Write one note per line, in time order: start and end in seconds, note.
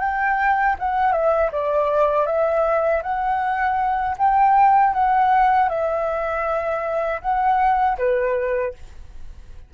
0.00 0.76 G5
0.79 1.13 F#5
1.13 1.51 E5
1.52 2.26 D5
2.26 3.02 E5
3.03 4.17 F#5
4.18 4.94 G5
4.94 5.70 F#5
5.70 7.22 E5
7.22 7.98 F#5
7.98 8.74 B4